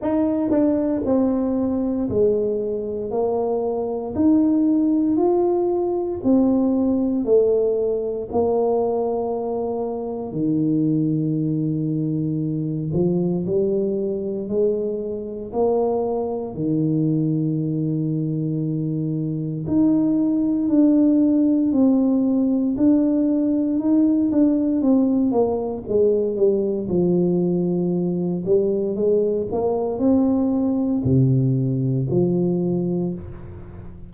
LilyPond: \new Staff \with { instrumentName = "tuba" } { \time 4/4 \tempo 4 = 58 dis'8 d'8 c'4 gis4 ais4 | dis'4 f'4 c'4 a4 | ais2 dis2~ | dis8 f8 g4 gis4 ais4 |
dis2. dis'4 | d'4 c'4 d'4 dis'8 d'8 | c'8 ais8 gis8 g8 f4. g8 | gis8 ais8 c'4 c4 f4 | }